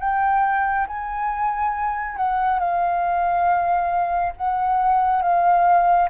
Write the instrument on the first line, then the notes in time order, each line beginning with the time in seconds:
flute
0.00 G5
0.87 G#5
2.17 F#5
2.60 F5
4.37 F#5
5.23 F5